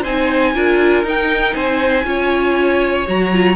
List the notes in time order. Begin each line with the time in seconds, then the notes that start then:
0.00 C4 D#4 C5 G#5
0.55 D4 F4 A#4
1.03 D#4 G5
1.55 C4 C5 G#5
2.05 C#4 F4 C#5
3.07 F#3 F#4 A#5
3.32 F4